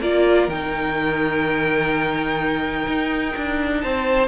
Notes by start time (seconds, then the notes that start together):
0.00 A#3 F4 A#4 D5
0.47 D#3 D#4 G5
2.87 D#4
3.36 D4
3.80 C4 C5 A5